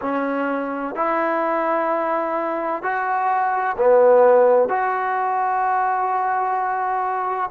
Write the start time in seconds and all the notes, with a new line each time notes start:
0.01 C#4
0.95 E4
2.83 F#4
3.78 B3
4.68 F#4